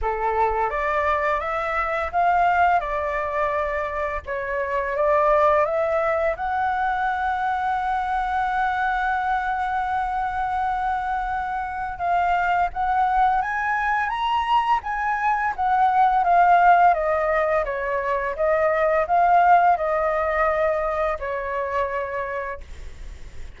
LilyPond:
\new Staff \with { instrumentName = "flute" } { \time 4/4 \tempo 4 = 85 a'4 d''4 e''4 f''4 | d''2 cis''4 d''4 | e''4 fis''2.~ | fis''1~ |
fis''4 f''4 fis''4 gis''4 | ais''4 gis''4 fis''4 f''4 | dis''4 cis''4 dis''4 f''4 | dis''2 cis''2 | }